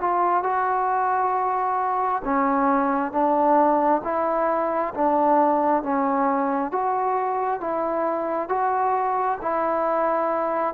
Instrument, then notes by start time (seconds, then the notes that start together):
trombone
0.00 F4
0.43 F#4
2.24 C#4
3.12 D4
4.04 E4
4.95 D4
5.83 C#4
6.72 F#4
7.60 E4
8.49 F#4
9.42 E4